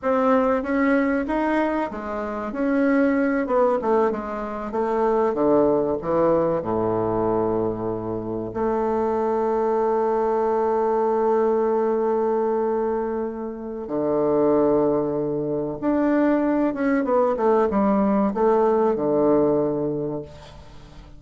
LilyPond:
\new Staff \with { instrumentName = "bassoon" } { \time 4/4 \tempo 4 = 95 c'4 cis'4 dis'4 gis4 | cis'4. b8 a8 gis4 a8~ | a8 d4 e4 a,4.~ | a,4. a2~ a8~ |
a1~ | a2 d2~ | d4 d'4. cis'8 b8 a8 | g4 a4 d2 | }